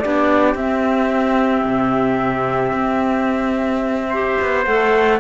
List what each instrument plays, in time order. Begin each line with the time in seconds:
0.00 cello B3, clarinet D4, trumpet G4, flute D5
0.55 cello C4, clarinet C4, flute E5
1.66 cello C3
2.72 cello C4
4.10 clarinet G4, trumpet C5
4.42 cello B3
4.65 cello A3, clarinet A4, flute F#5